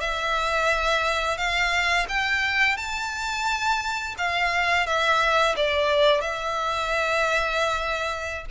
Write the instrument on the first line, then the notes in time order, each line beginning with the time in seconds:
violin
0.00 E5
1.37 F5
2.08 G5
2.77 A5
4.18 F5
4.87 E5
5.56 D5
6.21 E5